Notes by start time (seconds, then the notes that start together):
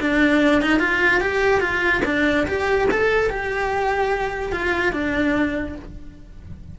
0.00 D4
0.62 D#4
0.79 F4
1.20 G4
1.60 F4
2.05 D4
2.47 G4
2.91 A4
3.29 G4
4.52 F4
4.92 D4